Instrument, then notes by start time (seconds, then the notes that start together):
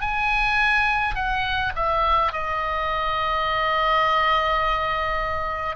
oboe
0.00 G#5
1.14 F#5
1.75 E5
2.32 D#5